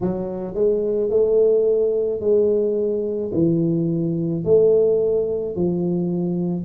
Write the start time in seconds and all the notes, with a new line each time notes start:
0.00 F#3
0.54 G#3
1.10 A3
2.20 G#3
3.33 E3
4.44 A3
5.56 F3